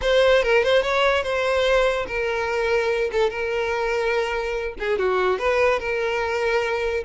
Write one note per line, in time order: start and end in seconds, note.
0.01 0.42 C5
0.42 0.63 A#4
0.63 0.82 C5
0.82 1.23 C#5
1.23 2.06 C5
2.07 3.10 A#4
3.11 3.30 A4
3.30 4.75 A#4
4.79 4.98 G#4
4.98 5.38 F#4
5.38 5.79 B4
5.79 7.03 A#4